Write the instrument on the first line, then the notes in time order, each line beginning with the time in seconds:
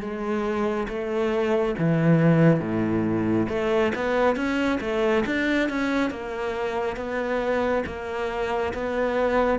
cello
0.00 G#3
0.88 A3
1.78 E3
2.60 A2
3.49 A3
3.95 B3
4.36 C#4
4.80 A3
5.26 D4
5.69 C#4
6.10 A#3
6.96 B3
7.86 A#3
8.74 B3